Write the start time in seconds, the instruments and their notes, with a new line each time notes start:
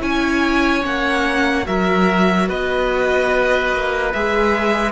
0.00 cello C#4, viola E4, oboe C#5, violin G#5
0.82 cello A#3, viola C#4, violin F#5
1.65 cello F#3, viola F#4, oboe A#4, violin E5
2.49 cello B3, oboe B4, violin D#5
3.73 cello A#3
4.14 cello G#3, viola G#4, violin E5